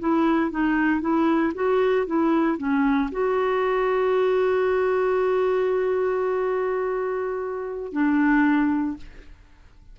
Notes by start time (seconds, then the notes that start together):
0.00 E4
0.51 D#4
1.01 E4
1.55 F#4
2.07 E4
2.58 C#4
3.12 F#4
7.93 D4